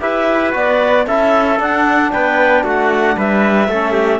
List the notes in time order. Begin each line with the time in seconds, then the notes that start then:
0.00 E4 G4 B4 E5
0.52 B3 F#4 D5
1.07 C#4 E4 A4 E5
1.58 D4 F#5
2.11 B3 B4 G5
2.63 A3 F#4 F#5
3.17 G3 B4 E5
3.68 A3 C#4 A4
3.92 G4